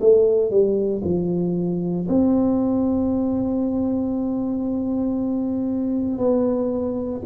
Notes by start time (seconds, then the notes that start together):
0.00 A3
0.50 G3
1.03 F3
2.08 C4
6.17 B3